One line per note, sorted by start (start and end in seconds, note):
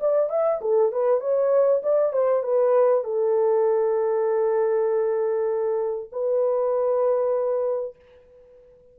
0.00 0.29 D5
0.29 0.60 E5
0.61 0.92 A4
0.92 1.20 B4
1.20 1.81 C#5
1.83 2.12 D5
2.12 2.43 C5
2.43 3.04 B4
3.04 6.10 A4
6.12 7.95 B4